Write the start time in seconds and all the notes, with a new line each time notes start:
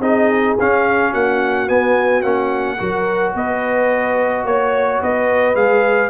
0.00 C4 D#4 G#4 D#5
0.59 C#4 F5
1.11 A#3 F#4 F#5
1.68 B3 G#5
2.22 A#3 C#4 F#5
2.78 F#3 F#4 A#4
3.35 B3 B4 D#5
4.45 A#3 C#5
5.02 B3 B4 D#5
5.56 G#3 G#4 F5